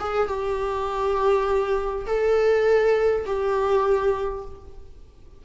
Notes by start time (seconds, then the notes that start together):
0.00 G#4
0.28 G4
2.07 A4
3.26 G4